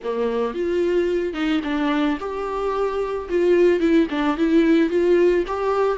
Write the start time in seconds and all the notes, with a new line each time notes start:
0.03 A#3
0.54 F4
1.33 D#4
1.63 D4
2.19 G4
3.29 F4
3.80 E4
4.09 D4
4.37 E4
4.89 F4
5.47 G4